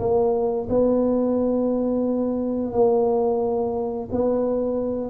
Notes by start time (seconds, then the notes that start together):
0.00 A#3
0.70 B3
2.73 A#3
4.12 B3